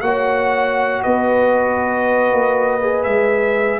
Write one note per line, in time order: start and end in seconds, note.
0.00 1.02 A#3
0.00 2.80 F#4
0.00 1.02 C#5
0.00 1.02 F#5
1.02 2.32 B3
1.02 3.80 B4
1.02 3.03 D#5
2.32 3.06 A#3
2.80 3.80 G#4
3.03 3.80 G#3
3.03 3.79 E5